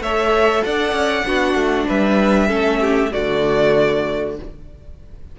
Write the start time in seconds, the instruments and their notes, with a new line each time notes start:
0.00 cello A3, viola A4, violin C#5 E5
0.64 cello D4, violin D5 F#5
0.92 cello C#4
1.25 cello B3, viola D4, violin F#4
1.55 cello A3
1.87 cello G3, violin B4 E5
2.48 cello A3, viola C#4, violin A4
2.81 violin G4
3.12 cello D3, viola A3, violin F#4 D5